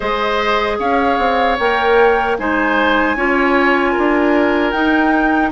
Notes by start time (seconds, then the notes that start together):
0.00 G#3 G#4 C5 D#5
0.79 C#4 C#5 F5
1.18 C4
1.59 A#3 A#4 G5
2.38 G#3 D#4 C5 G#5
3.15 C#4 F4 C#5
3.91 A#4
3.98 D4
4.71 D#4 G5